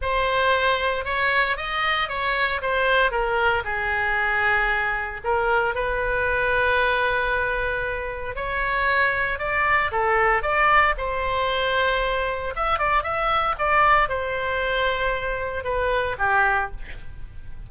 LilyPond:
\new Staff \with { instrumentName = "oboe" } { \time 4/4 \tempo 4 = 115 c''2 cis''4 dis''4 | cis''4 c''4 ais'4 gis'4~ | gis'2 ais'4 b'4~ | b'1 |
cis''2 d''4 a'4 | d''4 c''2. | e''8 d''8 e''4 d''4 c''4~ | c''2 b'4 g'4 | }